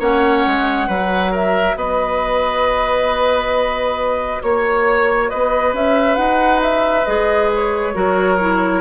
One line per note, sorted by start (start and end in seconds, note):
0.00 0.44 A#3
0.00 0.88 C#4
0.00 0.88 C#5
0.00 1.34 F#5
0.47 0.89 G#3
0.88 1.76 F#3
0.88 7.06 F#4
0.88 1.31 B4
1.31 1.75 A#4
1.31 1.78 E5
1.76 4.41 B3
1.76 4.42 B4
1.76 4.42 D#5
4.42 5.31 A#3
4.42 5.30 C#5
5.30 5.73 B3
5.30 7.94 B4
5.30 5.74 D#5
5.73 6.17 C#4
5.73 6.16 E5
6.16 7.06 D#4
6.16 6.60 F#5
6.63 7.05 E5
7.05 7.96 G#3
7.05 7.94 G#4
7.05 7.49 D#5
7.55 8.81 C#5
7.94 8.81 F#3
7.94 8.38 F#4
7.94 8.81 A#4
8.40 8.81 E4